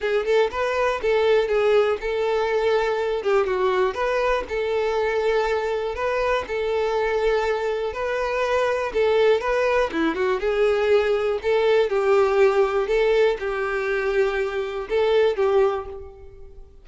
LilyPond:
\new Staff \with { instrumentName = "violin" } { \time 4/4 \tempo 4 = 121 gis'8 a'8 b'4 a'4 gis'4 | a'2~ a'8 g'8 fis'4 | b'4 a'2. | b'4 a'2. |
b'2 a'4 b'4 | e'8 fis'8 gis'2 a'4 | g'2 a'4 g'4~ | g'2 a'4 g'4 | }